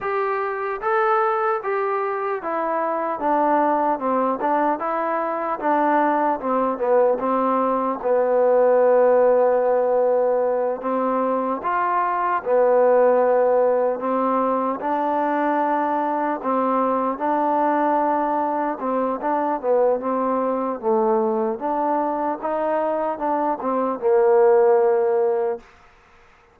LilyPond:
\new Staff \with { instrumentName = "trombone" } { \time 4/4 \tempo 4 = 75 g'4 a'4 g'4 e'4 | d'4 c'8 d'8 e'4 d'4 | c'8 b8 c'4 b2~ | b4. c'4 f'4 b8~ |
b4. c'4 d'4.~ | d'8 c'4 d'2 c'8 | d'8 b8 c'4 a4 d'4 | dis'4 d'8 c'8 ais2 | }